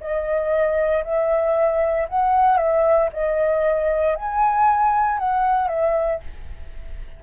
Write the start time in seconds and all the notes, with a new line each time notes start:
0.00 D#5
1.04 E5
2.08 F#5
2.57 E5
3.13 D#5
4.16 G#5
5.19 F#5
5.68 E5